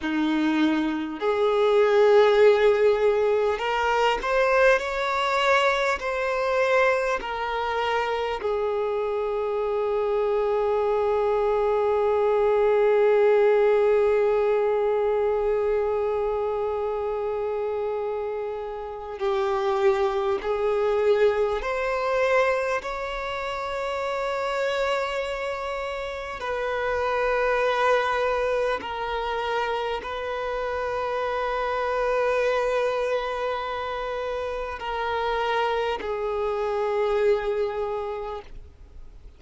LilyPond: \new Staff \with { instrumentName = "violin" } { \time 4/4 \tempo 4 = 50 dis'4 gis'2 ais'8 c''8 | cis''4 c''4 ais'4 gis'4~ | gis'1~ | gis'1 |
g'4 gis'4 c''4 cis''4~ | cis''2 b'2 | ais'4 b'2.~ | b'4 ais'4 gis'2 | }